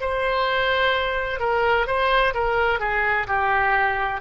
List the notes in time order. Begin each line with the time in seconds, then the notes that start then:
0.00 C5
1.39 A#4
1.87 C5
2.34 A#4
2.80 G#4
3.27 G4